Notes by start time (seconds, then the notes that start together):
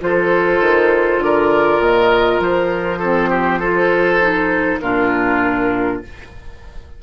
0.00 F3 F4 A4 C5
0.60 D#3
1.18 D3 D5
1.24 A#4
1.79 A#2 D#5
2.40 F3 C5
2.99 C4 A4
3.30 G4
3.59 F4 A4
4.20 D#4
4.80 A#2 D4 F4 A#4